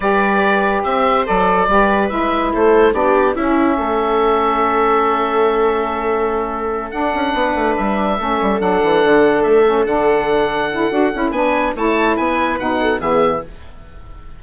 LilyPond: <<
  \new Staff \with { instrumentName = "oboe" } { \time 4/4 \tempo 4 = 143 d''2 e''4 d''4~ | d''4 e''4 c''4 d''4 | e''1~ | e''1~ |
e''8 fis''2 e''4.~ | e''8 fis''2 e''4 fis''8~ | fis''2. gis''4 | a''4 gis''4 fis''4 e''4 | }
  \new Staff \with { instrumentName = "viola" } { \time 4/4 b'2 c''2 | b'2 a'4 g'4 | e'4 a'2.~ | a'1~ |
a'4. b'2 a'8~ | a'1~ | a'2. b'4 | cis''4 b'4. a'8 gis'4 | }
  \new Staff \with { instrumentName = "saxophone" } { \time 4/4 g'2. a'4 | g'4 e'2 d'4 | cis'1~ | cis'1~ |
cis'8 d'2. cis'8~ | cis'8 d'2~ d'8 cis'8 d'8~ | d'4. e'8 fis'8 e'8 d'4 | e'2 dis'4 b4 | }
  \new Staff \with { instrumentName = "bassoon" } { \time 4/4 g2 c'4 fis4 | g4 gis4 a4 b4 | cis'4 a2.~ | a1~ |
a8 d'8 cis'8 b8 a8 g4 a8 | g8 fis8 e8 d4 a4 d8~ | d2 d'8 cis'8 b4 | a4 b4 b,4 e4 | }
>>